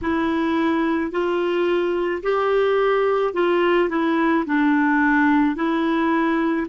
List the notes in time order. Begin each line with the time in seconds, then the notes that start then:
0.01 E4
1.11 F4
2.22 G4
3.33 F4
3.89 E4
4.45 D4
5.56 E4